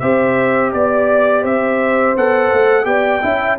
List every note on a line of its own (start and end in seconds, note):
0.00 0.73 C4
0.00 2.16 G4
0.00 0.72 C5
0.00 0.71 E5
0.72 1.44 B3
0.72 1.42 D5
0.72 1.45 D5
1.42 2.16 C4
1.42 2.85 C5
1.42 2.17 E5
2.17 2.52 B3
2.17 2.84 A4
2.17 2.86 F#5
2.53 2.85 A3
2.84 3.21 B3
2.84 3.20 G4
2.84 3.22 D5
2.84 3.57 G5
3.22 3.59 C#4
3.22 3.58 E4
3.22 3.58 E5